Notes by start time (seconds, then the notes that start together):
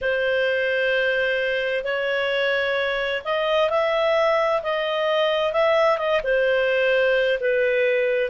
0.01 C5
1.83 C#5
3.24 D#5
3.70 E5
4.62 D#5
5.52 E5
5.97 D#5
6.23 C5
7.39 B4